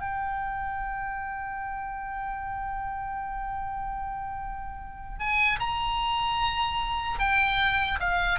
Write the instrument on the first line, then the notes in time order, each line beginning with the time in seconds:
oboe
0.00 G5
5.19 G#5
5.60 A#5
7.19 G5
8.00 F5